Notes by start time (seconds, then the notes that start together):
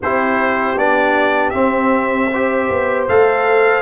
0.02 C4 E4 G4 C5
0.76 B3 D4 D5
1.50 C4 E5
2.30 G4 C5
2.70 B3
3.08 A3 A4 F5